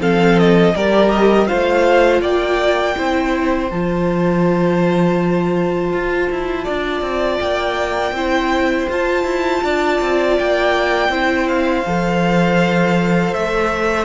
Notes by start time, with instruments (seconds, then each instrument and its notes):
0.00 cello F3, viola C4, violin A4 F5
0.39 violin D#5
0.75 cello G3, viola G4, violin A#4 D5
1.11 violin D#5
1.47 viola F4, violin C5 F5
1.53 cello A3
2.21 cello A#3, violin D5 G5
2.96 cello C4, viola E4, violin C5
3.71 cello F3, viola F4, violin A5
5.93 cello F4
6.31 cello E4
6.65 cello D4, violin D5
7.02 cello C4
7.40 cello A#3, violin G5
8.12 cello C4, viola E4, violin C5
8.90 viola F4, cello F4, violin A5
9.24 cello E4
9.64 cello D4, violin D5
10.02 cello C4
10.39 cello A#3, violin G5
11.09 cello C4, viola E4, violin C5
11.49 violin F5
11.86 cello F3, viola A4
13.34 cello A3, violin E5